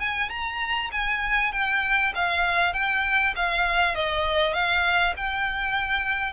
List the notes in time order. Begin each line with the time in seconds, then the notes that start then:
0.00 G#5
0.29 A#5
0.92 G#5
1.52 G5
2.15 F5
2.73 G5
3.36 F5
3.95 D#5
4.53 F5
5.17 G5